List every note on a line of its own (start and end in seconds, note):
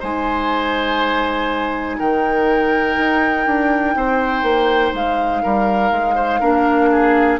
0.00 2.00 G#3
0.00 6.40 D#4
0.00 1.97 C5
0.00 2.00 G#5
1.99 2.98 D#3
1.99 3.95 A#4
1.99 4.95 G5
2.98 3.46 D#4
3.46 3.95 D4
3.95 4.43 C4
3.95 5.43 C5
4.43 4.92 A#3
4.93 5.43 G#3
4.93 7.40 F5
5.43 5.91 G3
5.43 6.15 A#4
5.91 6.40 G#3
6.15 6.40 C5
6.40 7.40 A#3
6.40 7.40 D4
6.40 6.89 A#4
6.91 7.40 G#4